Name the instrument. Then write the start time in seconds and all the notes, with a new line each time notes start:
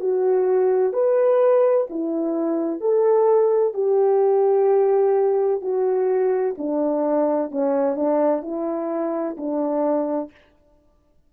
horn
0.00 F#4
0.93 B4
1.90 E4
2.80 A4
3.74 G4
5.61 F#4
6.58 D4
7.51 C#4
7.96 D4
8.42 E4
9.37 D4